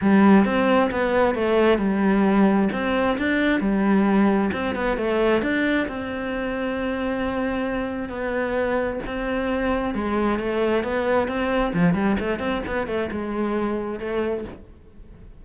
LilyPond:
\new Staff \with { instrumentName = "cello" } { \time 4/4 \tempo 4 = 133 g4 c'4 b4 a4 | g2 c'4 d'4 | g2 c'8 b8 a4 | d'4 c'2.~ |
c'2 b2 | c'2 gis4 a4 | b4 c'4 f8 g8 a8 c'8 | b8 a8 gis2 a4 | }